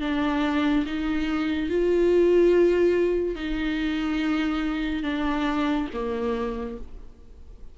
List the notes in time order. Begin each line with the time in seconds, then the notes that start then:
0.00 D4
0.85 D#4
1.69 F4
3.35 D#4
5.03 D4
5.93 A#3